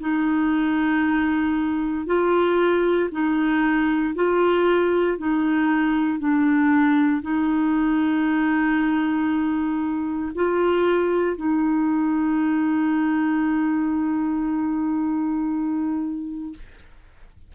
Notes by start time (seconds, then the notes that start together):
0.00 D#4
2.06 F4
3.11 D#4
4.15 F4
5.18 D#4
6.19 D4
7.22 D#4
10.35 F4
11.37 D#4